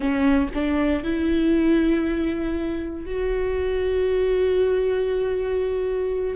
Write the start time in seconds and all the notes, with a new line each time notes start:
0.00 C#4
0.54 D4
1.04 E4
3.05 F#4